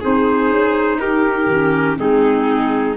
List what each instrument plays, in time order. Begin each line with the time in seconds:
0.00 tuba C4, clarinet D#4, violin G#4, trumpet C5
0.50 tuba C#4
0.97 tuba D#4, violin G4, trumpet A#4
1.47 tuba D#3, clarinet C#4
1.97 tuba G#3, clarinet C4, violin D#4, trumpet G#4